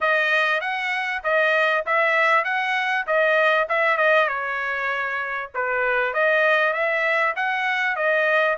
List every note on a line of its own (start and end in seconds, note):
0.01 0.61 D#5
0.61 1.22 F#5
1.23 1.84 D#5
1.85 2.44 E5
2.44 3.05 F#5
3.06 3.67 D#5
3.68 3.97 E5
3.97 4.27 D#5
4.28 5.50 C#5
5.54 6.13 B4
6.13 6.73 D#5
6.73 7.34 E5
7.36 7.96 F#5
7.96 8.57 D#5